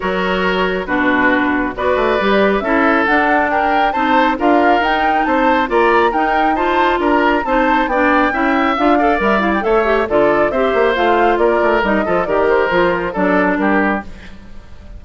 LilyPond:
<<
  \new Staff \with { instrumentName = "flute" } { \time 4/4 \tempo 4 = 137 cis''2 b'2 | d''2 e''4 fis''4 | g''4 a''4 f''4 g''4 | a''4 ais''4 g''4 a''4 |
ais''4 a''4 g''2 | f''4 e''8 f''16 g''16 e''4 d''4 | e''4 f''4 d''4 dis''4 | d''8 c''4. d''4 ais'4 | }
  \new Staff \with { instrumentName = "oboe" } { \time 4/4 ais'2 fis'2 | b'2 a'2 | ais'4 c''4 ais'2 | c''4 d''4 ais'4 c''4 |
ais'4 c''4 d''4 e''4~ | e''8 d''4. cis''4 a'4 | c''2 ais'4. a'8 | ais'2 a'4 g'4 | }
  \new Staff \with { instrumentName = "clarinet" } { \time 4/4 fis'2 d'2 | fis'4 g'4 e'4 d'4~ | d'4 dis'4 f'4 dis'4~ | dis'4 f'4 dis'4 f'4~ |
f'4 dis'4 d'4 e'4 | f'8 a'8 ais'8 e'8 a'8 g'8 f'4 | g'4 f'2 dis'8 f'8 | g'4 f'4 d'2 | }
  \new Staff \with { instrumentName = "bassoon" } { \time 4/4 fis2 b,2 | b8 a8 g4 cis'4 d'4~ | d'4 c'4 d'4 dis'4 | c'4 ais4 dis'2 |
d'4 c'4 b4 cis'4 | d'4 g4 a4 d4 | c'8 ais8 a4 ais8 a8 g8 f8 | dis4 f4 fis4 g4 | }
>>